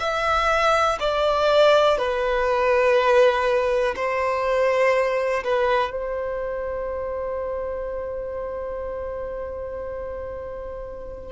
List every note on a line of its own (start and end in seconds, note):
0.00 0.98 E5
1.00 1.98 D5
1.98 3.95 B4
3.96 5.44 C5
5.44 5.92 B4
5.92 11.32 C5